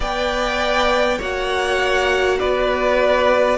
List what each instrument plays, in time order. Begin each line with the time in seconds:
0.00 cello B3, viola B4, violin D5 G5
1.18 cello A#3, viola F#4, violin C#5 F#5
2.39 cello B3, violin B4 D5